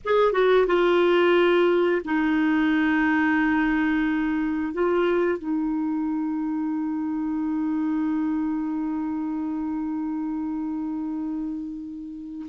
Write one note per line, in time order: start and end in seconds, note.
0.04 0.32 G#4
0.32 0.66 F#4
0.66 2.01 F4
2.04 4.73 D#4
4.73 5.38 F4
5.38 12.46 D#4